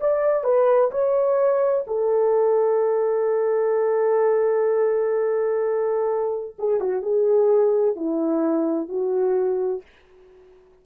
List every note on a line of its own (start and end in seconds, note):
0.00 0.43 D5
0.43 0.90 B4
0.91 1.85 C#5
1.87 6.55 A4
6.58 6.80 G#4
6.80 7.02 F#4
7.02 7.96 G#4
7.96 8.88 E4
8.88 9.82 F#4